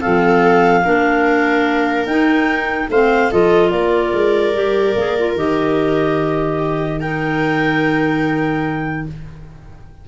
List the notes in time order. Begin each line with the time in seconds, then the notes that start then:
0.00 F3 C4 A4 F5
0.83 A#3 D4 A#4
2.06 D#4 G5
2.89 A3 C4 C5 F5
3.31 F3 F4 A4 D#5
3.70 A#3 A#4 D5
4.13 G#3
4.53 G3 G4
4.95 A#3 G#4
5.19 F4
5.35 D#3 G4 D#5
6.58 G4
6.99 D#4 A#4 G5